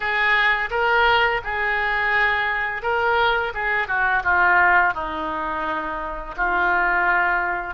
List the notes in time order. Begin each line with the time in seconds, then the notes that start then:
0.00 G#4
0.70 A#4
1.44 G#4
2.82 A#4
3.54 G#4
3.87 F#4
4.24 F4
4.94 D#4
6.37 F4